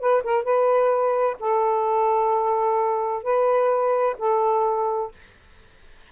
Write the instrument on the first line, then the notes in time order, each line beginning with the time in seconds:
saxophone
0.00 B4
0.24 A#4
0.44 B4
1.40 A4
3.24 B4
4.19 A4